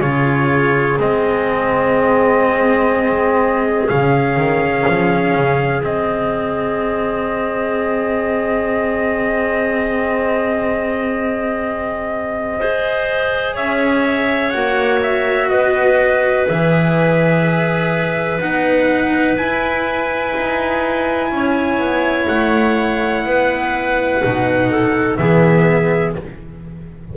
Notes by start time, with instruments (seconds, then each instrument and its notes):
0.00 double bass C#3, cello F4, clarinet G#4, trumpet C#5
0.99 double bass G#3, cello C4, trumpet D#5
3.88 double bass C#3, cello C#4, trumpet F5
4.36 double bass D#3
4.88 double bass F3
5.35 double bass C#3
5.82 double bass G#3, cello C4, trumpet D#5
12.59 cello G#4, clarinet C5
13.54 double bass C#4, clarinet C#5, trumpet E5
14.50 double bass A#3, cello F#4, trumpet F#5
15.02 trumpet E5
15.49 double bass B3, clarinet B4, trumpet D#5
16.46 double bass E3, cello G#4, trumpet E5
18.40 double bass B3, cello D#4, trumpet F#5
19.37 double bass E4, cello E4, trumpet G#5
20.35 double bass D#4
21.31 double bass C#4, clarinet C#5
21.78 double bass B3
22.27 double bass A3, trumpet F#5
23.25 double bass B3, clarinet B4
24.23 double bass B2, cello D#4
24.70 clarinet A4
25.17 double bass E3, cello B3, clarinet G#4, trumpet E5